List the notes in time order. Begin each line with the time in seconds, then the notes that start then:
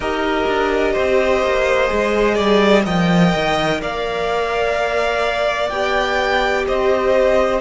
0.00 D#4 G4 A#4 D#5
0.47 D4
0.92 C4 C5
1.42 A#3
1.87 G#3 G#4
2.35 G3 D5
2.84 F3 A#4 D#5 G5
3.34 D#3
3.81 A#3 D5 F5
5.69 B3 G4 G5
6.67 C4 C5 D#5